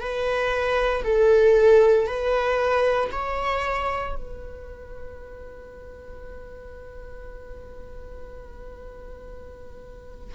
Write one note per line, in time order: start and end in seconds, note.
0.00 1.03 B4
1.04 2.07 A4
2.07 3.10 B4
3.12 4.15 C#5
4.16 10.35 B4